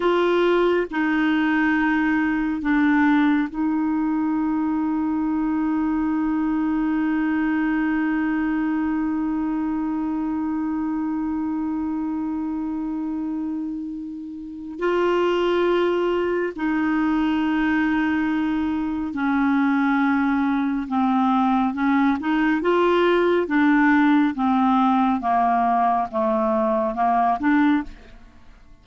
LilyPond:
\new Staff \with { instrumentName = "clarinet" } { \time 4/4 \tempo 4 = 69 f'4 dis'2 d'4 | dis'1~ | dis'1~ | dis'1~ |
dis'4 f'2 dis'4~ | dis'2 cis'2 | c'4 cis'8 dis'8 f'4 d'4 | c'4 ais4 a4 ais8 d'8 | }